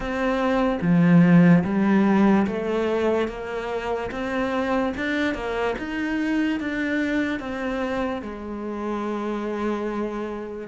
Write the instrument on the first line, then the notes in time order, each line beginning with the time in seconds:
cello
0.00 C4
0.81 F3
1.64 G3
2.46 A3
3.28 A#3
4.11 C4
4.96 D4
5.34 A#3
5.78 D#4
6.60 D4
7.39 C4
8.22 G#3